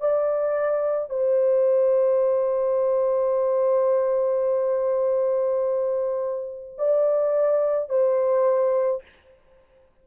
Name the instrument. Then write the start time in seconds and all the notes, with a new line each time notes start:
horn
0.00 D5
1.10 C5
6.78 D5
7.89 C5